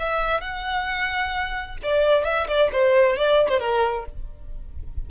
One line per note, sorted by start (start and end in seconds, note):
0.00 0.41 E5
0.41 1.77 F#5
1.83 2.25 D5
2.25 2.48 E5
2.48 2.71 D5
2.73 3.17 C5
3.17 3.49 D5
3.49 3.60 C5
3.60 4.05 A#4